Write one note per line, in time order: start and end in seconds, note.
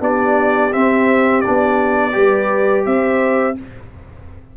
0.00 0.72 B3
0.00 0.71 D4
0.00 2.14 G4
0.00 0.73 D5
0.72 1.44 C4
0.72 1.45 C4
0.72 1.41 E5
1.41 2.12 D4
1.41 2.84 D5
1.48 2.16 B3
2.12 2.86 G3
2.12 3.55 G4
2.12 2.86 B4
2.86 3.57 C4
2.86 3.57 C5
2.86 3.57 E5